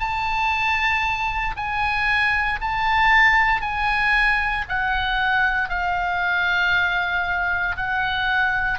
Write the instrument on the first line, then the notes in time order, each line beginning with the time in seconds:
oboe
0.00 A5
1.57 G#5
2.61 A5
3.62 G#5
4.69 F#5
5.69 F5
7.77 F#5